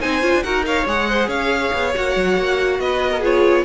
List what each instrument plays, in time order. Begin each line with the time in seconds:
0.00 cello C4, viola D#4, violin C5 G#5
0.21 cello C#4, viola F4
0.33 cello D4
0.43 cello D#4, viola F#4, violin A#4 F#5
0.63 viola A#4, violin C#5 F5
0.86 cello G#3, viola G#4, violin F#5
1.09 violin C5
1.27 cello C#4, violin C#5 F5
1.73 cello B3
1.93 cello A#3, viola F#4, violin F#5
2.16 cello F#3
2.37 cello A#3
2.79 cello B3, violin B4 D#5
3.10 violin A#4
3.19 viola F4, violin G#4 C#5